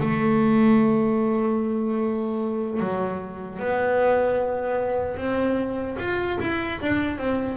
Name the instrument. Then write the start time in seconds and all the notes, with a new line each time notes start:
double bass
0.00 A3
2.80 F#3
3.59 B3
5.17 C4
5.98 F4
6.40 E4
6.81 D4
7.18 C4